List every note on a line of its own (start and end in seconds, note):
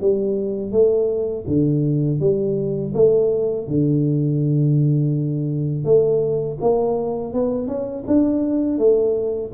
0.00 0.72 G3
0.72 1.45 A3
1.46 2.20 D3
2.20 2.93 G3
2.94 3.67 A3
3.67 5.84 D3
5.84 6.58 A3
6.60 7.33 A#3
7.33 7.67 B3
7.67 8.04 C#4
8.07 8.78 D4
8.78 9.51 A3